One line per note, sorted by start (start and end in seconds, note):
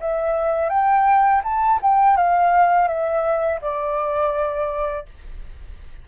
0.00 0.69 E5
0.69 1.41 G5
1.43 1.79 A5
1.82 2.16 G5
2.16 2.88 F5
2.88 3.60 E5
3.61 5.06 D5